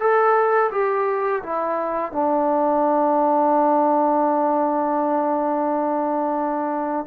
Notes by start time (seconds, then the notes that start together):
0.00 A4
0.72 G4
1.43 E4
2.12 D4